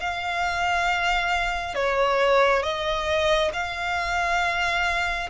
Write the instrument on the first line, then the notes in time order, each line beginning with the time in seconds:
violin
0.00 F5
1.75 C#5
2.63 D#5
3.53 F5